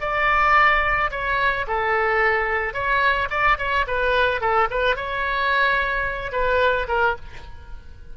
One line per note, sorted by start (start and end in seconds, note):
0.00 1.10 D5
1.11 1.66 C#5
1.67 2.73 A4
2.73 3.28 C#5
3.30 3.57 D5
3.58 3.85 C#5
3.87 4.40 B4
4.40 4.68 A4
4.70 4.96 B4
4.96 6.32 C#5
6.32 6.87 B4
6.88 7.15 A#4